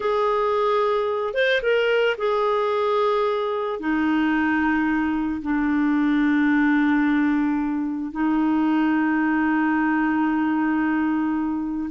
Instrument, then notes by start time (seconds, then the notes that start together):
clarinet
0.00 G#4
1.34 C5
1.62 A#4
2.17 G#4
3.79 D#4
5.42 D4
8.11 D#4